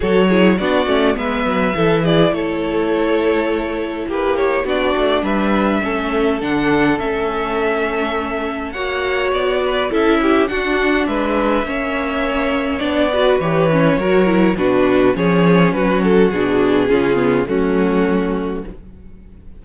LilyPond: <<
  \new Staff \with { instrumentName = "violin" } { \time 4/4 \tempo 4 = 103 cis''4 d''4 e''4. d''8 | cis''2. b'8 cis''8 | d''4 e''2 fis''4 | e''2. fis''4 |
d''4 e''4 fis''4 e''4~ | e''2 d''4 cis''4~ | cis''4 b'4 cis''4 b'8 a'8 | gis'2 fis'2 | }
  \new Staff \with { instrumentName = "violin" } { \time 4/4 a'8 gis'8 fis'4 b'4 a'8 gis'8 | a'2. g'4 | fis'4 b'4 a'2~ | a'2. cis''4~ |
cis''8 b'8 a'8 g'8 fis'4 b'4 | cis''2~ cis''8 b'4. | ais'4 fis'4 gis'4 fis'4~ | fis'4 f'4 cis'2 | }
  \new Staff \with { instrumentName = "viola" } { \time 4/4 fis'8 e'8 d'8 cis'8 b4 e'4~ | e'1 | d'2 cis'4 d'4 | cis'2. fis'4~ |
fis'4 e'4 d'2 | cis'2 d'8 fis'8 g'8 cis'8 | fis'8 e'8 d'4 cis'2 | d'4 cis'8 b8 a2 | }
  \new Staff \with { instrumentName = "cello" } { \time 4/4 fis4 b8 a8 gis8 fis8 e4 | a2. ais4 | b8 a8 g4 a4 d4 | a2. ais4 |
b4 cis'4 d'4 gis4 | ais2 b4 e4 | fis4 b,4 f4 fis4 | b,4 cis4 fis2 | }
>>